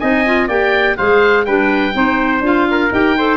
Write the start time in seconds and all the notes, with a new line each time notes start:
0.00 C4 D#4 D#5 G#5
0.26 F4
0.47 A#3 G4 D5 G5
0.97 G#3 G#4 C5 F5
1.46 G3 D4 B4 G5
1.93 C4 D#4 C5
2.41 D4 F4 F5
2.71 A#4
2.92 D#4 G4 G5
3.18 A4 C5